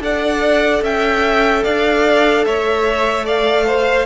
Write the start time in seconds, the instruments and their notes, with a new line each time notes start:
0.00 cello D4, viola A4, violin D5 F#5
0.82 cello C#4, violin E5 G5
1.64 cello D4, violin D5 F5
2.45 cello A3, violin C#5 E5
3.25 violin D5 F5
3.66 violin C5